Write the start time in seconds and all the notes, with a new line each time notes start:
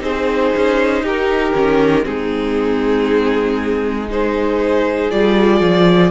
0.00 C4 D#4 G#4 C5
0.56 C#4
1.02 D#4 G4 A#4
1.55 D#3 C#4
2.03 G#3 C4 D#4 G#4
4.10 D#4 G#4 C5
5.10 G3 F4 D5
5.60 F3